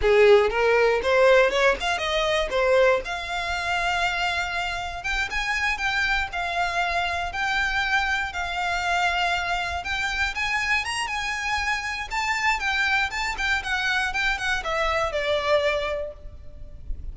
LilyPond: \new Staff \with { instrumentName = "violin" } { \time 4/4 \tempo 4 = 119 gis'4 ais'4 c''4 cis''8 f''8 | dis''4 c''4 f''2~ | f''2 g''8 gis''4 g''8~ | g''8 f''2 g''4.~ |
g''8 f''2. g''8~ | g''8 gis''4 ais''8 gis''2 | a''4 g''4 a''8 g''8 fis''4 | g''8 fis''8 e''4 d''2 | }